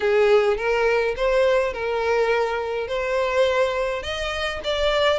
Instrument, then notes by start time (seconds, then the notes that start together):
violin
0.00 G#4
0.57 A#4
1.16 C5
1.73 A#4
2.87 C5
4.02 D#5
4.63 D5